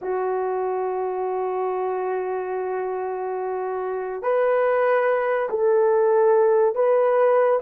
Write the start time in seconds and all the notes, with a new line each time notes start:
0.01 F#4
4.22 B4
5.49 A4
6.75 B4